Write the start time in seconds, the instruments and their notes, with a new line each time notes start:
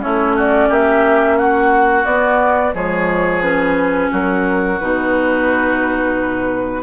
0.00 bassoon A3, clarinet C#4, oboe E4, flute C#5
0.36 oboe F#4, flute D5
0.69 bassoon A#3, oboe G4, flute E5
1.38 oboe F#4, flute F#5
2.05 bassoon B3, clarinet B3, flute D5
2.72 bassoon F3, clarinet G#3, oboe G#4, flute C#5
3.42 clarinet C#4, flute B4
4.12 bassoon F#3, oboe F#4, flute A#4
4.80 bassoon B2, clarinet D#4, flute B4